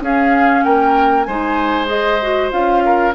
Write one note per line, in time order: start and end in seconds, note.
0.00 1.25 C#4
0.00 0.63 C#4
0.00 0.64 G#4
0.00 0.63 F5
0.63 1.27 A#3
0.63 1.27 A#4
0.63 1.23 G5
1.23 2.52 G#3
1.23 1.86 D#4
1.23 2.83 C5
1.23 1.86 G#5
1.86 2.18 G#4
1.86 2.50 D#5
2.22 2.51 F#4
2.51 3.14 C#4
2.51 3.13 F4
2.51 3.14 F5
2.85 3.14 A#4